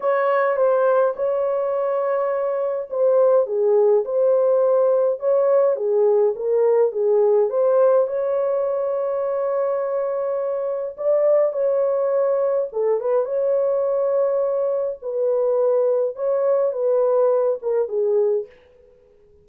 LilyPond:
\new Staff \with { instrumentName = "horn" } { \time 4/4 \tempo 4 = 104 cis''4 c''4 cis''2~ | cis''4 c''4 gis'4 c''4~ | c''4 cis''4 gis'4 ais'4 | gis'4 c''4 cis''2~ |
cis''2. d''4 | cis''2 a'8 b'8 cis''4~ | cis''2 b'2 | cis''4 b'4. ais'8 gis'4 | }